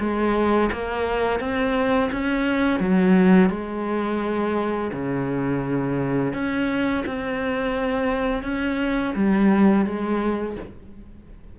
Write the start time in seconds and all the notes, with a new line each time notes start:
0.00 G#3
0.73 A#3
1.40 C4
2.12 C#4
2.80 F#3
3.50 G#3
4.93 C#3
6.34 C#4
7.07 C4
8.43 C#4
9.15 G3
9.86 G#3